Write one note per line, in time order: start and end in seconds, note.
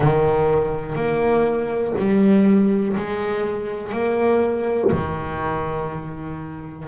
0.00 0.95 D#3
0.95 1.93 A#3
1.98 2.96 G3
2.96 3.92 G#3
3.92 4.90 A#3
4.91 6.88 D#3